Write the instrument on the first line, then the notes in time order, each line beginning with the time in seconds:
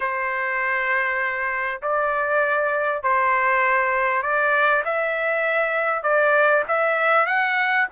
trumpet
0.00 C5
1.82 D5
3.02 C5
4.22 D5
4.84 E5
6.02 D5
6.68 E5
7.26 F#5